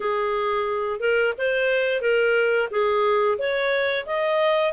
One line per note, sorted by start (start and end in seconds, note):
0.00 0.99 G#4
0.99 1.33 A#4
1.38 2.01 C5
2.01 2.68 A#4
2.70 3.38 G#4
3.38 4.05 C#5
4.06 4.73 D#5